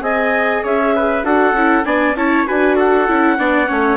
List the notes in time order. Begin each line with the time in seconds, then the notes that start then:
0.00 C4 G#4 D#5 G#5
0.63 C#4 C#5 E5
0.95 B4
1.23 D4 F#4 A4 F#5
1.52 C#4 E4
1.84 B3 D4 D5 G#5
2.14 C#4 E4 C#5 A5
2.46 D4 F#4 B4 G#5
2.76 A4 F#5
3.08 C#4 E4
3.37 B3 D4 D5
3.66 A3 C#4 C#5